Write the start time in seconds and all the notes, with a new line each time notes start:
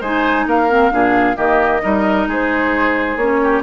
0.00 G#3 D#4 C5 G#5
0.46 A#3 A#4 F5
0.68 C4
0.91 A#2 D4 G#4
1.35 D#3 A#3 G4 D#5
1.82 G3 D#4 A#4
2.27 G#3 G#4 C5
3.16 A#3 C#4 C#5
3.42 G4